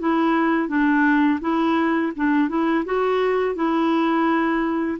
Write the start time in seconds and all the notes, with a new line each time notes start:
0.00 E4
0.69 D4
1.41 E4
2.16 D4
2.49 E4
2.85 F#4
3.56 E4